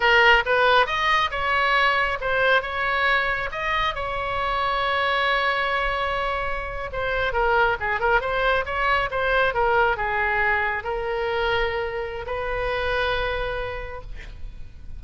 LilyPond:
\new Staff \with { instrumentName = "oboe" } { \time 4/4 \tempo 4 = 137 ais'4 b'4 dis''4 cis''4~ | cis''4 c''4 cis''2 | dis''4 cis''2.~ | cis''2.~ cis''8. c''16~ |
c''8. ais'4 gis'8 ais'8 c''4 cis''16~ | cis''8. c''4 ais'4 gis'4~ gis'16~ | gis'8. ais'2.~ ais'16 | b'1 | }